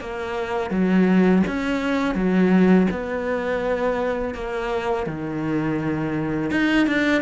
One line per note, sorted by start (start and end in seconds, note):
0.00 0.70 A#3
0.70 1.42 F#3
1.47 2.15 C#4
2.15 2.87 F#3
2.90 4.34 B3
4.34 5.06 A#3
5.06 6.50 D#3
6.50 6.86 D#4
6.86 7.22 D4